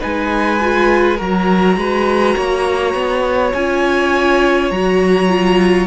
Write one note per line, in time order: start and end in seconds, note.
0.00 1.20 G#3
0.00 0.59 D#4
0.00 1.17 B4
0.00 1.20 G#5
0.61 1.18 F4
1.17 1.76 F#3
1.17 3.53 F#4
1.17 1.76 A#4
1.17 3.53 A#5
1.76 2.35 G#3
1.76 2.35 B4
2.35 2.94 A#3
2.35 5.87 C#5
2.94 3.53 B3
3.53 4.70 C#4
3.53 4.73 F4
3.53 4.71 G#5
4.70 5.87 F#3
4.70 5.29 F#4
4.70 5.87 A#5
5.29 5.87 F4